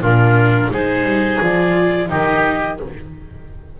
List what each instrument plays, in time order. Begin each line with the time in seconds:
0.00 double bass A#2, viola D4, oboe F4, clarinet A#4
0.70 double bass G#3, viola D#4, oboe G#4, clarinet C5
1.03 double bass G3
1.41 double bass F3, viola F4, clarinet D5
2.07 double bass D#3, viola D#4, oboe G4, clarinet D#5